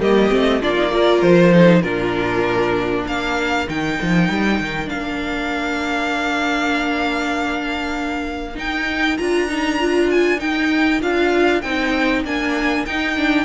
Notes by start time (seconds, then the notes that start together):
0.00 G3 A#3 G4 D#5
0.30 A3 C4
0.61 A#3 D4 F4 D5
0.75 D#4
0.91 F4 A#4
1.22 F3 C5
1.52 D#4 A4
1.82 A#2 D4 F4 A#4
3.05 A#3 A#4 F5
3.68 D#3 D#4 G5
4.02 F3
4.29 G3
4.60 D#3
4.86 A#3 D4 F5
8.55 D#4 G5
9.17 D4 F4 A#5
9.48 D#4
9.80 F4
10.11 G#5
10.38 D#4 G5
11.01 D4 F4 F5
11.61 C4 D#4 G5
12.24 A#3 D4 G#5
12.86 D#4 G5
13.17 D4